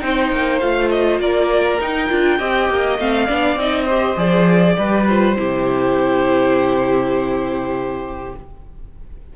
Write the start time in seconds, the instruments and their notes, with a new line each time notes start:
0.00 cello C4, viola D#4, violin C5 G5
0.32 cello A#3
0.60 cello A3, viola F4, violin F5
0.90 violin D#5
1.19 cello A#3, violin A#4 D5
1.80 cello D#4, viola D#4, violin G5
2.09 cello D4, viola F4
2.38 cello C4, viola G4, violin D#5
2.70 cello A#3
2.99 cello A3, viola C4, violin F5
3.26 cello B3, viola D4, violin D5
3.56 cello C4, viola D#4, violin D#5
3.84 violin C5
3.90 viola G4
4.17 cello F3, viola G#4, violin D5
4.75 cello G3, viola G4, violin B4
5.07 viola F4, violin C5
5.36 cello C3, viola E4, violin G4